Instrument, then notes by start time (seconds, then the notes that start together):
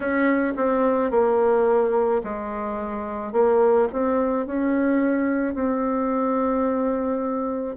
bassoon
0.00 C#4
0.56 C4
1.11 A#3
2.23 G#3
3.32 A#3
3.92 C4
4.46 C#4
5.54 C4